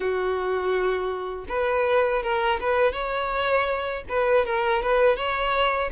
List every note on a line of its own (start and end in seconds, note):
0.00 1.45 F#4
1.48 2.22 B4
2.22 2.59 A#4
2.60 2.92 B4
2.92 4.03 C#5
4.08 4.45 B4
4.45 4.82 A#4
4.82 5.16 B4
5.16 5.90 C#5